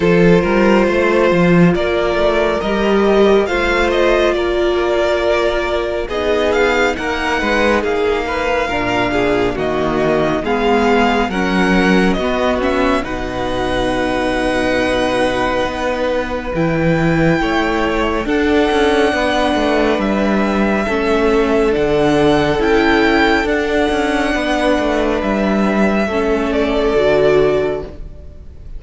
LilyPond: <<
  \new Staff \with { instrumentName = "violin" } { \time 4/4 \tempo 4 = 69 c''2 d''4 dis''4 | f''8 dis''8 d''2 dis''8 f''8 | fis''4 f''2 dis''4 | f''4 fis''4 dis''8 e''8 fis''4~ |
fis''2. g''4~ | g''4 fis''2 e''4~ | e''4 fis''4 g''4 fis''4~ | fis''4 e''4. d''4. | }
  \new Staff \with { instrumentName = "violin" } { \time 4/4 a'8 ais'8 c''4 ais'2 | c''4 ais'2 gis'4 | ais'8 b'8 gis'8 b'8 ais'8 gis'8 fis'4 | gis'4 ais'4 fis'4 b'4~ |
b'1 | cis''4 a'4 b'2 | a'1 | b'2 a'2 | }
  \new Staff \with { instrumentName = "viola" } { \time 4/4 f'2. g'4 | f'2. dis'4~ | dis'2 d'4 ais4 | b4 cis'4 b8 cis'8 dis'4~ |
dis'2. e'4~ | e'4 d'2. | cis'4 d'4 e'4 d'4~ | d'2 cis'4 fis'4 | }
  \new Staff \with { instrumentName = "cello" } { \time 4/4 f8 g8 a8 f8 ais8 a8 g4 | a4 ais2 b4 | ais8 gis8 ais4 ais,4 dis4 | gis4 fis4 b4 b,4~ |
b,2 b4 e4 | a4 d'8 cis'8 b8 a8 g4 | a4 d4 cis'4 d'8 cis'8 | b8 a8 g4 a4 d4 | }
>>